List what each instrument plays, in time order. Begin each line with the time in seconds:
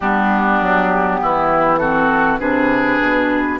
0.00 bassoon G3, clarinet B3, oboe D4, flute G4
0.61 bassoon F#3
1.21 bassoon E3, oboe E4
1.78 clarinet C4, oboe F#4, flute A4
2.39 bassoon C3, clarinet D4, oboe G#4, flute B4
3.00 bassoon B2